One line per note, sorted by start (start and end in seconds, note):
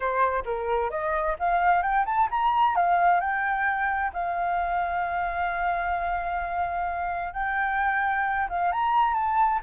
0.00 0.43 C5
0.45 0.90 A#4
0.90 1.36 D#5
1.39 1.82 F5
1.82 2.05 G5
2.05 2.28 A5
2.30 2.75 A#5
2.75 3.20 F5
3.20 4.11 G5
4.13 7.33 F5
7.33 8.47 G5
8.49 8.71 F5
8.71 9.14 A#5
9.14 9.60 A5